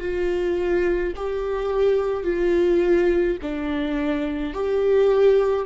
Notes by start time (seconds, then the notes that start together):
0.00 F4
1.16 G4
2.24 F4
3.42 D4
4.54 G4